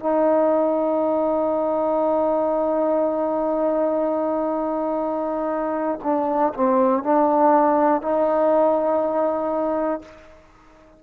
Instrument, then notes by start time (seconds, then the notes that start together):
trombone
0.00 D#4
6.03 D4
6.54 C4
7.03 D4
8.02 D#4